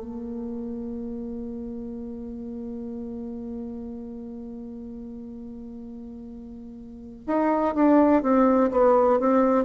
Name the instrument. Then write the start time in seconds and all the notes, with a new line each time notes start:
bassoon
0.00 A#3
7.27 D#4
7.75 D4
8.23 C4
8.72 B3
9.20 C4